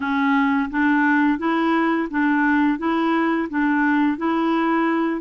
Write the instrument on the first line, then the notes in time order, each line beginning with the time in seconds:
clarinet
0.00 C#4
0.70 D4
1.38 E4
2.10 D4
2.78 E4
3.49 D4
4.17 E4